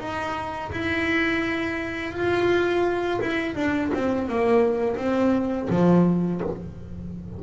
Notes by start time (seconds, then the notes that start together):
0.00 D#4
0.72 E4
2.13 F4
3.21 E4
3.56 D4
3.94 C4
4.29 A#3
4.97 C4
5.70 F3